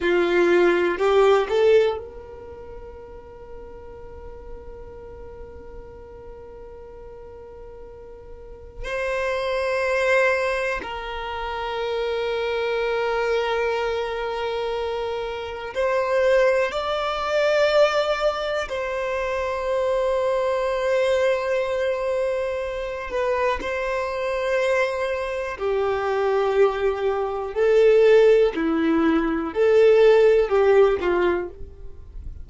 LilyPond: \new Staff \with { instrumentName = "violin" } { \time 4/4 \tempo 4 = 61 f'4 g'8 a'8 ais'2~ | ais'1~ | ais'4 c''2 ais'4~ | ais'1 |
c''4 d''2 c''4~ | c''2.~ c''8 b'8 | c''2 g'2 | a'4 e'4 a'4 g'8 f'8 | }